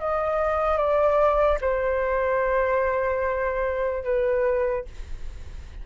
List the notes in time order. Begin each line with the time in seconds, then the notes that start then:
0.00 D#5
0.78 D5
1.61 C5
4.04 B4